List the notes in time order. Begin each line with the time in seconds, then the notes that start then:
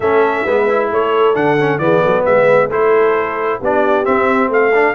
0.00 A3 C#4 A4 E5
0.44 G#3 B3 B4
0.68 E4
0.91 A3 A4 C#5
1.34 D3 D4 F#5
1.59 C#4
1.78 E3 B3 G#4 D5
2.01 F#3 A4
2.24 G#3 B4 E5
2.69 A3 E4 A4 C5
3.60 B3 D4 G4 D5
4.04 C4 E5
4.49 A3 A4 F5
4.74 D4